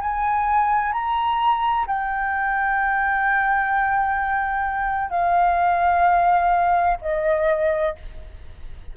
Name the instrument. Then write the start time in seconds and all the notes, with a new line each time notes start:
flute
0.00 G#5
0.92 A#5
1.87 G5
5.10 F5
7.01 D#5